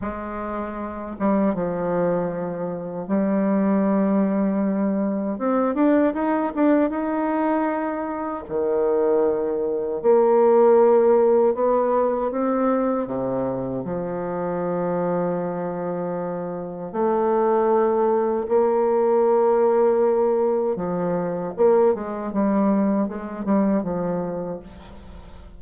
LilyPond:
\new Staff \with { instrumentName = "bassoon" } { \time 4/4 \tempo 4 = 78 gis4. g8 f2 | g2. c'8 d'8 | dis'8 d'8 dis'2 dis4~ | dis4 ais2 b4 |
c'4 c4 f2~ | f2 a2 | ais2. f4 | ais8 gis8 g4 gis8 g8 f4 | }